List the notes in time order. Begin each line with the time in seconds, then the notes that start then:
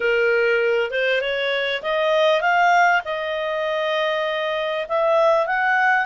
0.00 A#4
0.90 C5
1.21 C#5
1.82 D#5
2.41 F5
3.05 D#5
4.88 E5
5.46 F#5